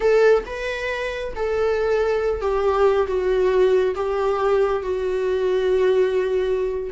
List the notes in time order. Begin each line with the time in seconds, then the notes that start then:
0.00 A4
0.46 B4
1.35 A4
2.41 G4
3.07 F#4
3.95 G4
4.82 F#4